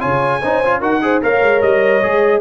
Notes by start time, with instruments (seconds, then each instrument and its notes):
0.00 tuba C#3, trombone F4, horn C#5, trumpet G#5
0.41 tuba C#4, trombone D#4, horn C5
0.64 trombone F4
0.80 tuba D#4, trombone F#4, horn A#4, trumpet F#5
1.01 trombone G#4, horn C5
1.22 tuba A#3, trombone A#4, horn C#5, trumpet F5
1.42 tuba G#3
1.61 tuba G3, trumpet D#5
2.02 tuba G#3, trombone G#4